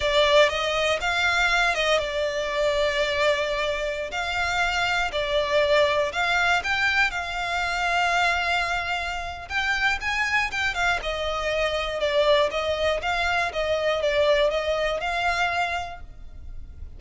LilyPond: \new Staff \with { instrumentName = "violin" } { \time 4/4 \tempo 4 = 120 d''4 dis''4 f''4. dis''8 | d''1~ | d''16 f''2 d''4.~ d''16~ | d''16 f''4 g''4 f''4.~ f''16~ |
f''2. g''4 | gis''4 g''8 f''8 dis''2 | d''4 dis''4 f''4 dis''4 | d''4 dis''4 f''2 | }